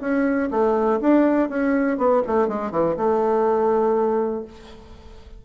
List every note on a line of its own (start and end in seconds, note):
0.00 0.49 C#4
0.50 0.99 A3
1.00 1.49 D4
1.49 1.97 C#4
1.97 2.22 B3
2.26 2.48 A3
2.48 2.71 G#3
2.71 2.96 E3
2.96 4.44 A3